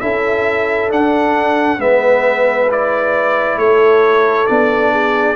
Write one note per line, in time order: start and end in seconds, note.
0.00 0.90 C#4
0.00 0.90 E4
0.00 1.80 A4
0.00 0.90 E5
0.90 1.78 D4
0.90 1.81 F#5
1.78 3.57 G#3
1.78 2.68 B3
1.78 3.59 B4
1.78 2.70 E5
2.71 4.47 E4
2.71 3.58 D5
3.57 4.46 A3
3.57 4.92 A4
3.57 4.46 C#5
4.46 5.36 B3
4.46 5.36 D4
4.46 5.36 D5
4.92 5.36 G#4